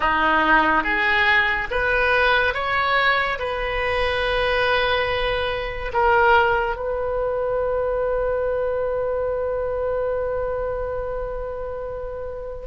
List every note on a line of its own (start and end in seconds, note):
0.00 0.83 D#4
0.83 1.68 G#4
1.71 2.54 B4
2.54 3.38 C#5
3.38 5.92 B4
5.93 6.76 A#4
6.76 12.66 B4